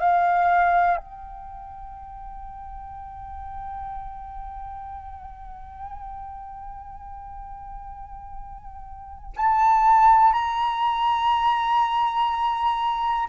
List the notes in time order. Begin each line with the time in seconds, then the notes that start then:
0.00 F5
0.97 G5
9.37 A5
10.33 A#5